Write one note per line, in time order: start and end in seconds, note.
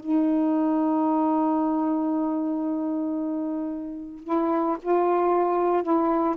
0.00 4.24 D#4
4.24 4.77 E4
4.82 5.83 F4
5.83 6.36 E4